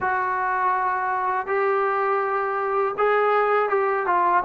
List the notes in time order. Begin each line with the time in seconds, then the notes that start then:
0.00 F#4
1.46 G4
2.97 G#4
3.69 G4
4.06 F4